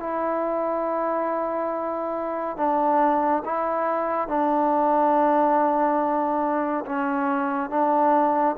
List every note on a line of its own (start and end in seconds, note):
0.00 2.57 E4
2.57 3.43 D4
3.45 4.28 E4
4.28 6.85 D4
6.86 7.70 C#4
7.70 8.56 D4